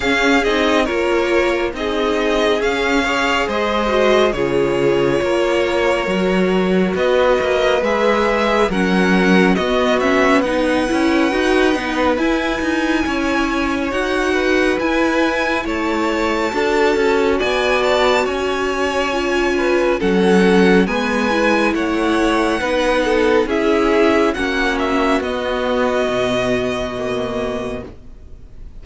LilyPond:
<<
  \new Staff \with { instrumentName = "violin" } { \time 4/4 \tempo 4 = 69 f''8 dis''8 cis''4 dis''4 f''4 | dis''4 cis''2. | dis''4 e''4 fis''4 dis''8 e''8 | fis''2 gis''2 |
fis''4 gis''4 a''2 | gis''8 a''8 gis''2 fis''4 | gis''4 fis''2 e''4 | fis''8 e''8 dis''2. | }
  \new Staff \with { instrumentName = "violin" } { \time 4/4 gis'4 ais'4 gis'4. cis''8 | c''4 gis'4 ais'2 | b'2 ais'4 fis'4 | b'2. cis''4~ |
cis''8 b'4. cis''4 a'4 | d''4 cis''4. b'8 a'4 | b'4 cis''4 b'8 a'8 gis'4 | fis'1 | }
  \new Staff \with { instrumentName = "viola" } { \time 4/4 cis'8 dis'8 f'4 dis'4 cis'8 gis'8~ | gis'8 fis'8 f'2 fis'4~ | fis'4 gis'4 cis'4 b8 cis'8 | dis'8 e'8 fis'8 dis'8 e'2 |
fis'4 e'2 fis'4~ | fis'2 f'4 cis'4 | b8 e'4. dis'4 e'4 | cis'4 b2 ais4 | }
  \new Staff \with { instrumentName = "cello" } { \time 4/4 cis'8 c'8 ais4 c'4 cis'4 | gis4 cis4 ais4 fis4 | b8 ais8 gis4 fis4 b4~ | b8 cis'8 dis'8 b8 e'8 dis'8 cis'4 |
dis'4 e'4 a4 d'8 cis'8 | b4 cis'2 fis4 | gis4 a4 b4 cis'4 | ais4 b4 b,2 | }
>>